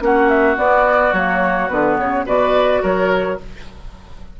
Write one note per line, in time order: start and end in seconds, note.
0.00 0.56 A#3
0.00 0.56 C#4
0.00 2.25 F#4
0.00 0.28 F#5
0.28 0.56 E5
0.56 1.12 B3
0.56 1.13 B3
0.56 1.13 D5
1.13 1.69 F#3
1.13 1.69 A#3
1.13 1.68 C#5
1.68 1.98 D3
1.68 2.25 B3
1.68 1.96 B4
1.98 2.25 C#3
1.98 2.26 C#5
2.25 2.81 B2
2.25 3.38 F#4
2.25 2.81 B4
2.25 2.83 D5
2.82 3.39 F#3
2.82 3.38 A#4
2.82 3.39 C#5